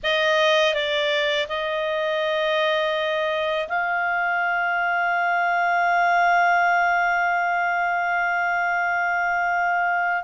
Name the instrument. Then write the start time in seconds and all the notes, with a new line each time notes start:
clarinet
0.03 D#5
0.74 D5
1.48 D#5
3.68 F5